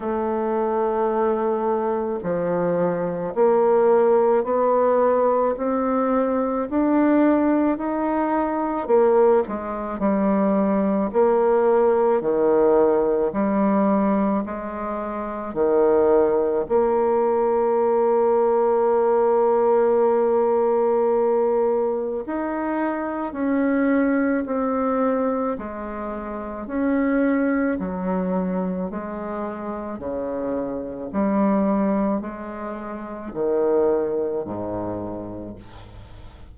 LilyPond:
\new Staff \with { instrumentName = "bassoon" } { \time 4/4 \tempo 4 = 54 a2 f4 ais4 | b4 c'4 d'4 dis'4 | ais8 gis8 g4 ais4 dis4 | g4 gis4 dis4 ais4~ |
ais1 | dis'4 cis'4 c'4 gis4 | cis'4 fis4 gis4 cis4 | g4 gis4 dis4 gis,4 | }